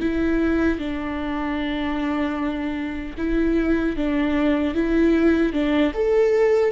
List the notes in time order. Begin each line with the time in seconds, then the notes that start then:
0.00 E4
0.79 D4
3.17 E4
3.96 D4
4.74 E4
5.53 D4
5.94 A4